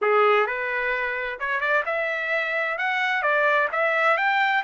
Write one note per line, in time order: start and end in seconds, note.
0.01 0.46 G#4
0.46 1.38 B4
1.39 1.60 C#5
1.60 1.83 D5
1.85 2.78 E5
2.78 3.22 F#5
3.22 3.68 D5
3.72 4.17 E5
4.17 4.63 G5